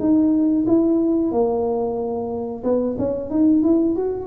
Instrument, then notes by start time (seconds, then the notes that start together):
tuba
0.00 D#4
0.67 E4
1.32 A#3
2.64 B3
2.99 C#4
3.30 D#4
3.63 E4
3.96 F#4